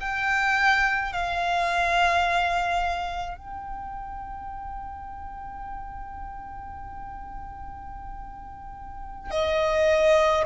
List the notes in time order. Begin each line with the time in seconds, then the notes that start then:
0.00 G5
1.12 F5
3.38 G5
9.30 D#5